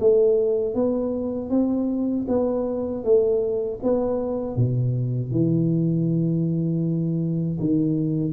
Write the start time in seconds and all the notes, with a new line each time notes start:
0.00 A3
0.74 B3
1.50 C4
2.28 B3
3.04 A3
3.83 B3
4.56 B2
5.31 E3
7.60 D#3